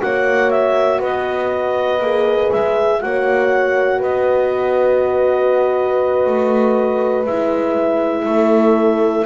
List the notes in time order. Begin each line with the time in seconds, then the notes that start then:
0.00 A#3 F#4 C#5 F#5
0.50 E5
0.99 B3 B4 D#5
2.00 A#3 G#4
2.51 G#3 E5
3.01 A#3 F#4 C#5 F#5
3.99 B3 B4 D#5
6.26 A3
7.26 G#3 E4 E5
8.25 A3 A4